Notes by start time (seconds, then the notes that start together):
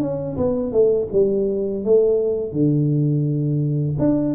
0.00 C#4
0.36 B3
0.72 A3
1.12 G3
1.84 A3
2.52 D3
3.99 D4